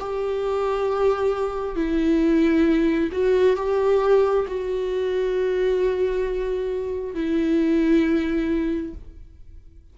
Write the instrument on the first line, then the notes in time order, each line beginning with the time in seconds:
viola
0.00 G4
1.75 E4
3.12 F#4
3.57 G4
4.48 F#4
7.15 E4